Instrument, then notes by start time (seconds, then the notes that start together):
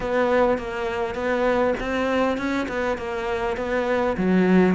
cello
0.00 B3
0.58 A#3
1.14 B3
1.80 C4
2.37 C#4
2.68 B3
2.97 A#3
3.56 B3
4.17 F#3